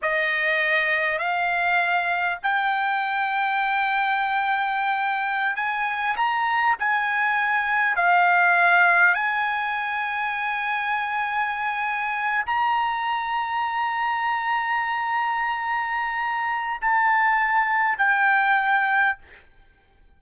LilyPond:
\new Staff \with { instrumentName = "trumpet" } { \time 4/4 \tempo 4 = 100 dis''2 f''2 | g''1~ | g''4~ g''16 gis''4 ais''4 gis''8.~ | gis''4~ gis''16 f''2 gis''8.~ |
gis''1~ | gis''8. ais''2.~ ais''16~ | ais''1 | a''2 g''2 | }